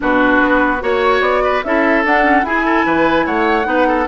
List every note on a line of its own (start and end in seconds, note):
0.00 0.40 B2
0.00 0.79 D4
0.00 0.82 F#4
0.00 0.82 B4
0.40 0.81 B3
0.80 1.20 A#3
0.80 1.62 F#4
0.80 1.21 C#5
0.80 1.43 C#5
1.20 1.61 B3
1.20 1.62 D5
1.43 1.64 B4
1.63 2.05 C#4
1.63 2.05 E4
1.63 2.45 A4
1.63 2.04 E5
2.05 2.42 D4
2.05 2.23 D4
2.05 2.44 F#5
2.23 2.43 C#4
2.42 2.83 E4
2.42 3.64 E4
2.42 2.65 G#4
2.42 3.25 G#5
2.65 2.85 A4
2.85 3.26 E3
2.85 3.26 B4
3.25 3.65 A3
3.25 3.67 C#5
3.25 4.07 F#5
3.64 4.06 B3
3.64 4.04 D#4
3.64 3.87 B4
3.87 4.07 A4